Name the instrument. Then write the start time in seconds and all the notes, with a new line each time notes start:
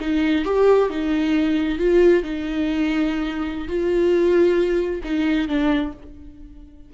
viola
0.00 D#4
0.45 G4
0.90 D#4
1.78 F4
2.23 D#4
3.68 F4
5.04 D#4
5.48 D4